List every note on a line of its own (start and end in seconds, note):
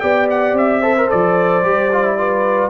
0.00 0.53 B3
0.00 0.82 G4
0.00 0.81 D5
0.00 0.27 G5
0.30 0.57 F#5
0.53 1.07 C4
0.53 1.10 E5
0.81 0.96 A4
0.81 2.16 C5
0.97 1.08 A#4
1.08 1.63 F3
1.08 1.62 A4
1.08 2.69 D5
1.63 2.69 G3
1.63 1.90 G4
1.92 2.04 F4
2.04 2.18 E4
2.18 2.69 F4
2.18 2.69 B4